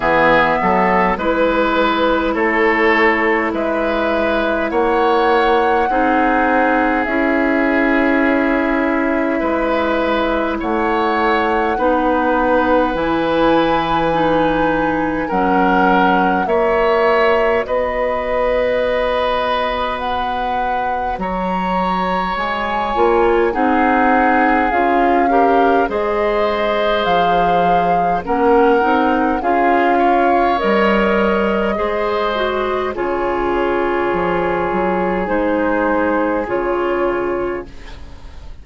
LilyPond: <<
  \new Staff \with { instrumentName = "flute" } { \time 4/4 \tempo 4 = 51 e''4 b'4 cis''4 e''4 | fis''2 e''2~ | e''4 fis''2 gis''4~ | gis''4 fis''4 e''4 dis''4~ |
dis''4 fis''4 ais''4 gis''4 | fis''4 f''4 dis''4 f''4 | fis''4 f''4 dis''2 | cis''2 c''4 cis''4 | }
  \new Staff \with { instrumentName = "oboe" } { \time 4/4 gis'8 a'8 b'4 a'4 b'4 | cis''4 gis'2. | b'4 cis''4 b'2~ | b'4 ais'4 cis''4 b'4~ |
b'2 cis''2 | gis'4. ais'8 c''2 | ais'4 gis'8 cis''4. c''4 | gis'1 | }
  \new Staff \with { instrumentName = "clarinet" } { \time 4/4 b4 e'2.~ | e'4 dis'4 e'2~ | e'2 dis'4 e'4 | dis'4 cis'4 fis'2~ |
fis'2.~ fis'8 f'8 | dis'4 f'8 g'8 gis'2 | cis'8 dis'8 f'4 ais'4 gis'8 fis'8 | f'2 dis'4 f'4 | }
  \new Staff \with { instrumentName = "bassoon" } { \time 4/4 e8 fis8 gis4 a4 gis4 | ais4 c'4 cis'2 | gis4 a4 b4 e4~ | e4 fis4 ais4 b4~ |
b2 fis4 gis8 ais8 | c'4 cis'4 gis4 f4 | ais8 c'8 cis'4 g4 gis4 | cis4 f8 fis8 gis4 cis4 | }
>>